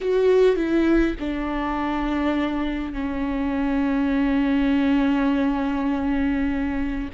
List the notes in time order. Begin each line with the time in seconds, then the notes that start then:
0.00 F#4
0.55 E4
1.19 D4
2.93 C#4